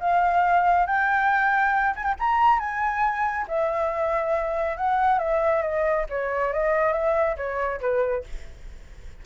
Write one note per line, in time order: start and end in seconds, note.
0.00 0.86 F5
0.86 1.95 G5
1.95 2.04 G#5
2.04 2.15 G5
2.20 2.59 A#5
2.59 3.46 G#5
3.48 4.77 E5
4.77 5.19 F#5
5.19 5.62 E5
5.62 6.06 D#5
6.10 6.53 C#5
6.53 6.93 D#5
6.93 7.36 E5
7.37 7.80 C#5
7.81 8.24 B4